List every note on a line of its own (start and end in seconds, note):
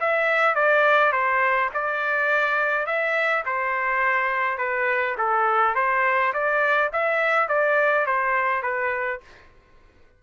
0.00 0.55 E5
0.55 1.12 D5
1.12 1.69 C5
1.74 2.86 D5
2.86 3.44 E5
3.45 4.58 C5
4.58 5.15 B4
5.17 5.75 A4
5.75 6.33 C5
6.33 6.91 D5
6.92 7.48 E5
7.48 8.06 D5
8.06 8.62 C5
8.62 9.20 B4